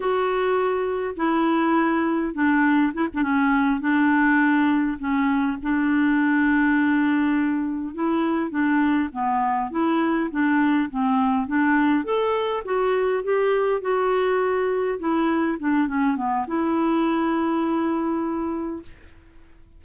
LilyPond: \new Staff \with { instrumentName = "clarinet" } { \time 4/4 \tempo 4 = 102 fis'2 e'2 | d'4 e'16 d'16 cis'4 d'4.~ | d'8 cis'4 d'2~ d'8~ | d'4. e'4 d'4 b8~ |
b8 e'4 d'4 c'4 d'8~ | d'8 a'4 fis'4 g'4 fis'8~ | fis'4. e'4 d'8 cis'8 b8 | e'1 | }